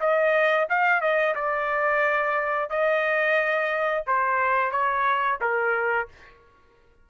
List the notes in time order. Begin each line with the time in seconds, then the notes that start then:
0.00 D#5
0.69 F5
1.01 D#5
1.35 D5
2.69 D#5
4.06 C5
4.71 C#5
5.41 A#4